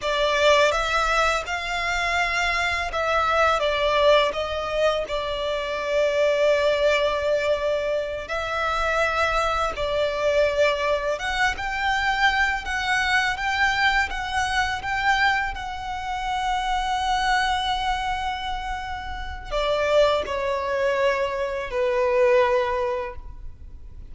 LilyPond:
\new Staff \with { instrumentName = "violin" } { \time 4/4 \tempo 4 = 83 d''4 e''4 f''2 | e''4 d''4 dis''4 d''4~ | d''2.~ d''8 e''8~ | e''4. d''2 fis''8 |
g''4. fis''4 g''4 fis''8~ | fis''8 g''4 fis''2~ fis''8~ | fis''2. d''4 | cis''2 b'2 | }